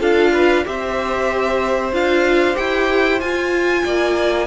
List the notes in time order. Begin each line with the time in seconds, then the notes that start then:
0.00 D4 F4 A4 F5
0.33 B4
0.64 C4 G4 C5 E5
1.92 D4 F4 F5
2.54 E4 G4 G5
3.20 F4 G#5
3.85 A#3 D5